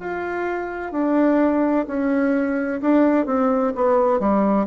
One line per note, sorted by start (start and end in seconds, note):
0.00 0.92 F4
0.92 1.86 D4
1.87 2.81 C#4
2.81 3.26 D4
3.26 3.73 C4
3.75 4.19 B3
4.19 4.66 G3